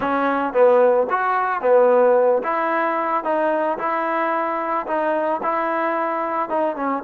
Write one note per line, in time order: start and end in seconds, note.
0.00 0.53 C#4
0.53 1.07 B3
1.10 1.61 F#4
1.61 2.42 B3
2.43 3.24 E4
3.24 3.78 D#4
3.78 4.86 E4
4.86 5.40 D#4
5.42 6.49 E4
6.49 6.76 D#4
6.76 7.03 C#4